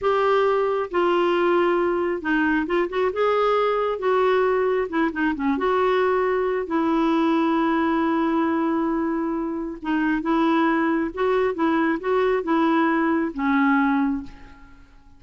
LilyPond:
\new Staff \with { instrumentName = "clarinet" } { \time 4/4 \tempo 4 = 135 g'2 f'2~ | f'4 dis'4 f'8 fis'8 gis'4~ | gis'4 fis'2 e'8 dis'8 | cis'8 fis'2~ fis'8 e'4~ |
e'1~ | e'2 dis'4 e'4~ | e'4 fis'4 e'4 fis'4 | e'2 cis'2 | }